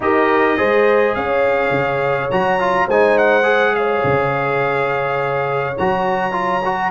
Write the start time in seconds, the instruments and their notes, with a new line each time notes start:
0.00 tuba D#4, trombone G4, horn A#4, trumpet D#5
0.57 tuba G#3, trombone G#4, horn C5
1.15 tuba C#4, horn C#5, trumpet F5
1.70 tuba C#3
2.30 tuba F#3, trombone F#4, trumpet A#5
2.59 trombone F4
2.86 tuba G#3, trombone D#4, horn C5, trumpet G#5
3.18 trumpet F#5
3.43 trombone G#4
3.74 horn C#5, trumpet F5
4.03 tuba C#3
5.77 tuba F#3, trombone F#4, trumpet A#5
6.31 trombone F4
6.64 trombone F#4